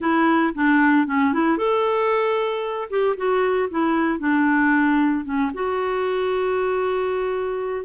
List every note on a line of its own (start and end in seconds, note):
0.00 0.53 E4
0.54 1.06 D4
1.06 1.33 C#4
1.33 1.57 E4
1.57 2.89 A4
2.89 3.16 G4
3.16 3.69 F#4
3.70 4.19 E4
4.19 5.24 D4
5.25 5.51 C#4
5.54 7.85 F#4